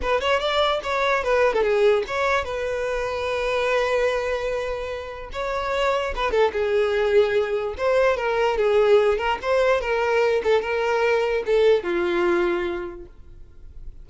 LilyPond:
\new Staff \with { instrumentName = "violin" } { \time 4/4 \tempo 4 = 147 b'8 cis''8 d''4 cis''4 b'8. a'16 | gis'4 cis''4 b'2~ | b'1~ | b'4 cis''2 b'8 a'8 |
gis'2. c''4 | ais'4 gis'4. ais'8 c''4 | ais'4. a'8 ais'2 | a'4 f'2. | }